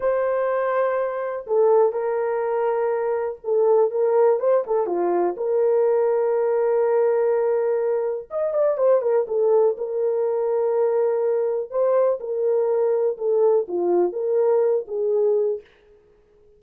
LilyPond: \new Staff \with { instrumentName = "horn" } { \time 4/4 \tempo 4 = 123 c''2. a'4 | ais'2. a'4 | ais'4 c''8 a'8 f'4 ais'4~ | ais'1~ |
ais'4 dis''8 d''8 c''8 ais'8 a'4 | ais'1 | c''4 ais'2 a'4 | f'4 ais'4. gis'4. | }